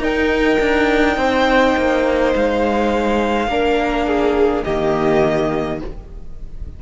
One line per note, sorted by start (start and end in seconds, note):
0.00 0.58 D#4
0.00 3.47 D#4
0.00 1.18 A#4
0.00 2.34 G5
0.60 1.17 D4
1.17 1.75 C4
1.17 3.49 C5
1.76 2.34 A#3
2.35 3.48 G#3
2.35 4.64 F5
3.48 4.63 A#3
3.48 4.65 D4
3.48 4.06 A#4
4.06 4.64 G#4
4.64 5.81 D#3
4.64 5.82 A#3
4.64 5.80 G4
4.64 5.79 D#5